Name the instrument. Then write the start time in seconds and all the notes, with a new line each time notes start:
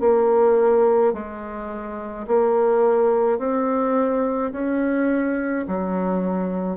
bassoon
0.00 A#3
1.13 G#3
2.27 A#3
3.39 C4
4.52 C#4
5.68 F#3